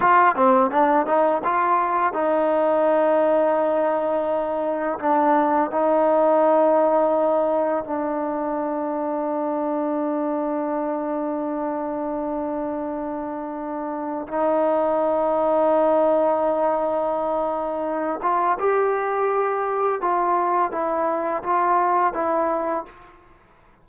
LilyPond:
\new Staff \with { instrumentName = "trombone" } { \time 4/4 \tempo 4 = 84 f'8 c'8 d'8 dis'8 f'4 dis'4~ | dis'2. d'4 | dis'2. d'4~ | d'1~ |
d'1 | dis'1~ | dis'4. f'8 g'2 | f'4 e'4 f'4 e'4 | }